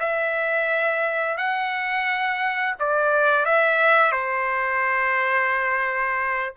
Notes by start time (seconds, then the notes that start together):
0.00 E5
1.37 F#5
2.79 D5
3.46 E5
4.12 C5